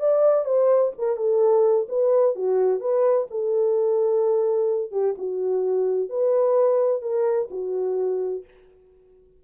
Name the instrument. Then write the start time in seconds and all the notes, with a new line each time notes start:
horn
0.00 D5
0.45 C5
0.98 A#4
1.17 A4
1.89 B4
2.36 F#4
2.80 B4
3.30 A4
4.92 G4
5.18 F#4
6.09 B4
7.02 A#4
7.51 F#4